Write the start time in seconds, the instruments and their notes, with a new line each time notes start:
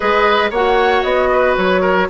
0.00 bassoon G#3, clarinet G#4, oboe B4, flute D#5
0.50 bassoon A#3, clarinet F#4, oboe C#5, flute F#5
1.03 bassoon B3, flute D#5
1.32 oboe B4
1.57 bassoon F#3, flute C#5
1.81 oboe A#4